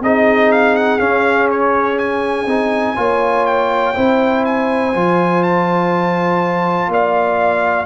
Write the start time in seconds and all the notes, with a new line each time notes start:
0.00 C4 D#4 G#4 D#5
0.51 F5
0.75 F#5
0.99 C#4 F5
1.50 C#5
1.98 G#5
2.45 C4 D#4
2.95 A#3 F4 C#5
3.46 G5
3.94 C4 E4 C5
4.45 G#5
4.93 F3 F4
5.43 A5
6.88 A#3 D5 F5